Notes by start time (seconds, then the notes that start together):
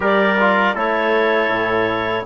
0.00 G3 G4 A#4 D5
0.40 F4
0.74 A3 E4 A4 C#5
1.48 A2